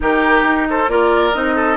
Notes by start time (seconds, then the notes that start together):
0.00 D#3 D#4 G4 A#4
0.43 D#4
0.69 A4 C5
0.87 A#3 F4 A#4 D5
1.33 C4 D#4 D#5
1.55 A4